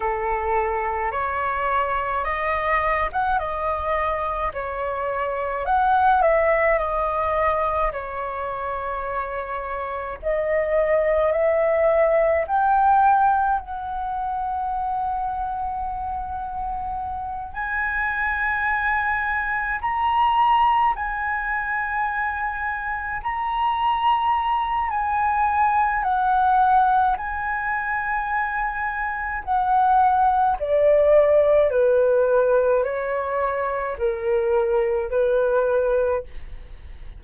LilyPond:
\new Staff \with { instrumentName = "flute" } { \time 4/4 \tempo 4 = 53 a'4 cis''4 dis''8. fis''16 dis''4 | cis''4 fis''8 e''8 dis''4 cis''4~ | cis''4 dis''4 e''4 g''4 | fis''2.~ fis''8 gis''8~ |
gis''4. ais''4 gis''4.~ | gis''8 ais''4. gis''4 fis''4 | gis''2 fis''4 d''4 | b'4 cis''4 ais'4 b'4 | }